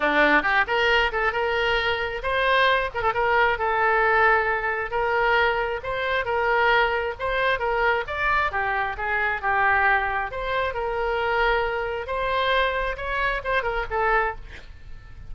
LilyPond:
\new Staff \with { instrumentName = "oboe" } { \time 4/4 \tempo 4 = 134 d'4 g'8 ais'4 a'8 ais'4~ | ais'4 c''4. ais'16 a'16 ais'4 | a'2. ais'4~ | ais'4 c''4 ais'2 |
c''4 ais'4 d''4 g'4 | gis'4 g'2 c''4 | ais'2. c''4~ | c''4 cis''4 c''8 ais'8 a'4 | }